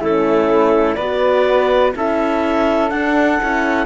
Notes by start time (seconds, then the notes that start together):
0.00 A3 C#4 E4 A4
0.95 B3 B4 D5
1.01 F#4
1.96 C#4 E4 A4 E5
2.90 D4 F#5
3.42 C#4 E4